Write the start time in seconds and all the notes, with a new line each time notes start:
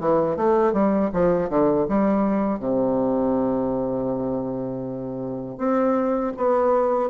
0.00 E3
0.36 A3
0.73 G3
1.13 F3
1.50 D3
1.89 G3
2.60 C3
5.58 C4
6.37 B3